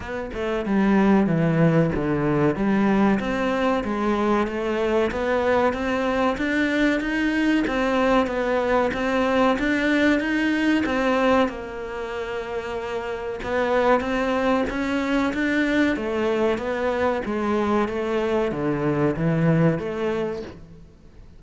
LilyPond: \new Staff \with { instrumentName = "cello" } { \time 4/4 \tempo 4 = 94 b8 a8 g4 e4 d4 | g4 c'4 gis4 a4 | b4 c'4 d'4 dis'4 | c'4 b4 c'4 d'4 |
dis'4 c'4 ais2~ | ais4 b4 c'4 cis'4 | d'4 a4 b4 gis4 | a4 d4 e4 a4 | }